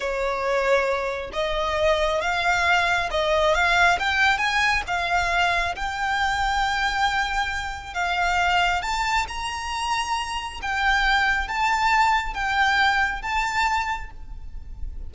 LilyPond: \new Staff \with { instrumentName = "violin" } { \time 4/4 \tempo 4 = 136 cis''2. dis''4~ | dis''4 f''2 dis''4 | f''4 g''4 gis''4 f''4~ | f''4 g''2.~ |
g''2 f''2 | a''4 ais''2. | g''2 a''2 | g''2 a''2 | }